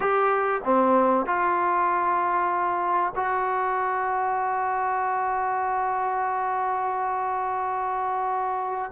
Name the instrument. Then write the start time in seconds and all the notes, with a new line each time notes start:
trombone
0.00 G4
0.64 C4
1.26 F4
3.15 F#4